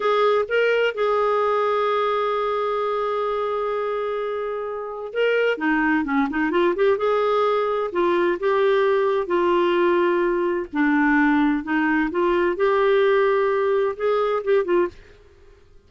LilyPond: \new Staff \with { instrumentName = "clarinet" } { \time 4/4 \tempo 4 = 129 gis'4 ais'4 gis'2~ | gis'1~ | gis'2. ais'4 | dis'4 cis'8 dis'8 f'8 g'8 gis'4~ |
gis'4 f'4 g'2 | f'2. d'4~ | d'4 dis'4 f'4 g'4~ | g'2 gis'4 g'8 f'8 | }